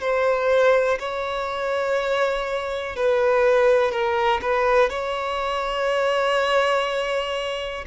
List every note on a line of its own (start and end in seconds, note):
0.00 0.98 C5
0.99 2.96 C#5
2.96 3.91 B4
3.91 4.40 A#4
4.41 4.90 B4
4.90 7.85 C#5